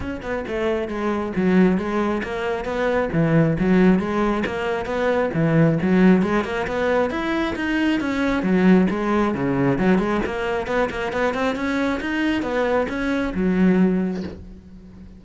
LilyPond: \new Staff \with { instrumentName = "cello" } { \time 4/4 \tempo 4 = 135 cis'8 b8 a4 gis4 fis4 | gis4 ais4 b4 e4 | fis4 gis4 ais4 b4 | e4 fis4 gis8 ais8 b4 |
e'4 dis'4 cis'4 fis4 | gis4 cis4 fis8 gis8 ais4 | b8 ais8 b8 c'8 cis'4 dis'4 | b4 cis'4 fis2 | }